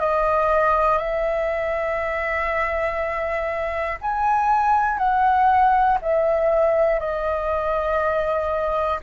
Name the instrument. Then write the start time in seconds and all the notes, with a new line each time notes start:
flute
0.00 D#5
0.99 E5
4.01 G#5
4.99 F#5
6.02 E5
7.00 D#5